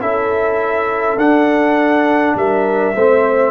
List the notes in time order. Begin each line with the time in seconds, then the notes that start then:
0.00 C#4 E4 A4 E5
1.17 D4 F#5
2.35 G3 A#4 E5
2.95 A3 C4 C5